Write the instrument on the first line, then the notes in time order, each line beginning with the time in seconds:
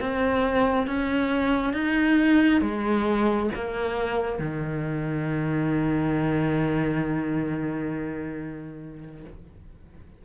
cello
0.00 C4
0.87 C#4
1.74 D#4
2.61 G#3
3.55 A#3
4.39 D#3